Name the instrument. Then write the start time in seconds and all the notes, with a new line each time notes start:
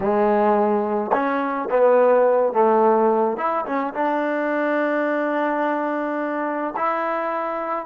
trombone
0.00 G#3
1.12 C#4
1.70 B3
2.53 A3
3.37 E4
3.65 C#4
3.94 D4
6.76 E4